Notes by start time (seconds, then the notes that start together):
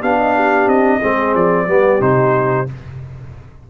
0.00 B3 D4 G4 F5
0.17 D#5
0.35 G4
0.67 C4 D#5
0.99 G#3 C4 G#4
1.35 F3 D5
1.67 G3 B3 G4
1.99 C3 D#4 C5